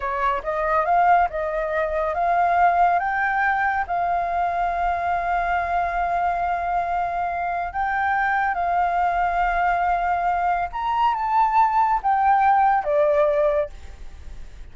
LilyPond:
\new Staff \with { instrumentName = "flute" } { \time 4/4 \tempo 4 = 140 cis''4 dis''4 f''4 dis''4~ | dis''4 f''2 g''4~ | g''4 f''2.~ | f''1~ |
f''2 g''2 | f''1~ | f''4 ais''4 a''2 | g''2 d''2 | }